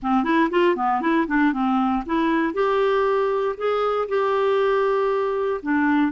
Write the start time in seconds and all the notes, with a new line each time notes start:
0.02 C4
0.24 E4
0.50 F4
0.76 B3
1.01 E4
1.27 D4
1.52 C4
2.06 E4
2.53 G4
3.57 G#4
4.08 G4
5.62 D4